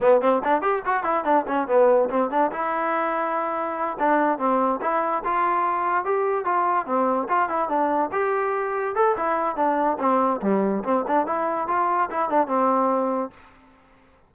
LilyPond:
\new Staff \with { instrumentName = "trombone" } { \time 4/4 \tempo 4 = 144 b8 c'8 d'8 g'8 fis'8 e'8 d'8 cis'8 | b4 c'8 d'8 e'2~ | e'4. d'4 c'4 e'8~ | e'8 f'2 g'4 f'8~ |
f'8 c'4 f'8 e'8 d'4 g'8~ | g'4. a'8 e'4 d'4 | c'4 g4 c'8 d'8 e'4 | f'4 e'8 d'8 c'2 | }